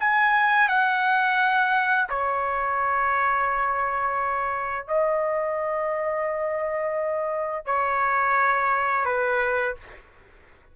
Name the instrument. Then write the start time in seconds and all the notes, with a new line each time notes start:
trumpet
0.00 G#5
0.68 F#5
2.09 C#5
4.87 D#5
7.66 C#5
9.05 B4